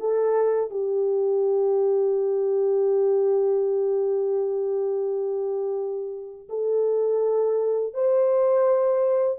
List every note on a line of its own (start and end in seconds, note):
0.00 0.71 A4
0.71 6.49 G4
6.49 7.94 A4
7.94 9.39 C5